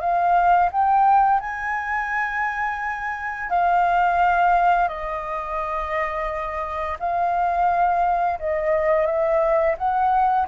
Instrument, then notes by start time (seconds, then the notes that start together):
flute
0.00 F5
0.72 G5
1.40 G#5
3.50 F5
4.88 D#5
6.99 F5
8.39 D#5
9.06 E5
9.78 F#5